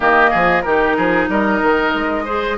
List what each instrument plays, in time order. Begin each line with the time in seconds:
0.00 bassoon D#3, clarinet A#3, oboe G4, flute D#5
0.30 bassoon F3, oboe G#4
0.61 bassoon D#3, clarinet D#4, oboe G4, flute A#4
0.96 bassoon F3, oboe G#4
1.28 bassoon G3, oboe A#4, flute D#5
1.61 bassoon D#3
1.94 bassoon G#3
2.25 clarinet G#4, oboe C5